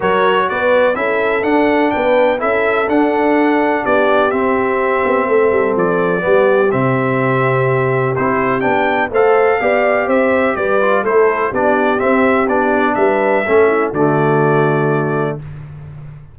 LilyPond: <<
  \new Staff \with { instrumentName = "trumpet" } { \time 4/4 \tempo 4 = 125 cis''4 d''4 e''4 fis''4 | g''4 e''4 fis''2 | d''4 e''2. | d''2 e''2~ |
e''4 c''4 g''4 f''4~ | f''4 e''4 d''4 c''4 | d''4 e''4 d''4 e''4~ | e''4 d''2. | }
  \new Staff \with { instrumentName = "horn" } { \time 4/4 ais'4 b'4 a'2 | b'4 a'2. | g'2. a'4~ | a'4 g'2.~ |
g'2. c''4 | d''4 c''4 b'4 a'4 | g'2. b'4 | a'8 e'8 fis'2. | }
  \new Staff \with { instrumentName = "trombone" } { \time 4/4 fis'2 e'4 d'4~ | d'4 e'4 d'2~ | d'4 c'2.~ | c'4 b4 c'2~ |
c'4 e'4 d'4 a'4 | g'2~ g'8 f'8 e'4 | d'4 c'4 d'2 | cis'4 a2. | }
  \new Staff \with { instrumentName = "tuba" } { \time 4/4 fis4 b4 cis'4 d'4 | b4 cis'4 d'2 | b4 c'4. b8 a8 g8 | f4 g4 c2~ |
c4 c'4 b4 a4 | b4 c'4 g4 a4 | b4 c'4 b4 g4 | a4 d2. | }
>>